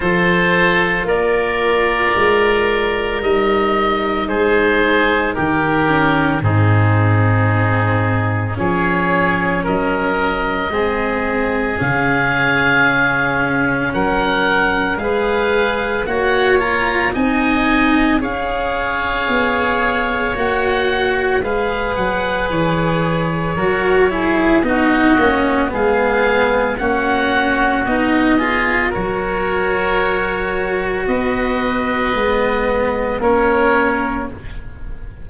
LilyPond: <<
  \new Staff \with { instrumentName = "oboe" } { \time 4/4 \tempo 4 = 56 c''4 d''2 dis''4 | c''4 ais'4 gis'2 | cis''4 dis''2 f''4~ | f''4 fis''4 f''4 fis''8 ais''8 |
gis''4 f''2 fis''4 | f''8 fis''8 cis''2 dis''4 | f''4 fis''4 dis''4 cis''4~ | cis''4 dis''2 cis''4 | }
  \new Staff \with { instrumentName = "oboe" } { \time 4/4 a'4 ais'2. | gis'4 g'4 dis'2 | gis'4 ais'4 gis'2~ | gis'4 ais'4 b'4 cis''4 |
dis''4 cis''2. | b'2 ais'8 gis'8 fis'4 | gis'4 fis'4. gis'8 ais'4~ | ais'4 b'2 ais'4 | }
  \new Staff \with { instrumentName = "cello" } { \time 4/4 f'2. dis'4~ | dis'4. cis'8 c'2 | cis'2 c'4 cis'4~ | cis'2 gis'4 fis'8 f'8 |
dis'4 gis'2 fis'4 | gis'2 fis'8 e'8 dis'8 cis'8 | b4 cis'4 dis'8 f'8 fis'4~ | fis'2 b4 cis'4 | }
  \new Staff \with { instrumentName = "tuba" } { \time 4/4 f4 ais4 gis4 g4 | gis4 dis4 gis,2 | f4 fis4 gis4 cis4~ | cis4 fis4 gis4 ais4 |
c'4 cis'4 b4 ais4 | gis8 fis8 e4 fis4 b8 ais8 | gis4 ais4 b4 fis4~ | fis4 b4 gis4 ais4 | }
>>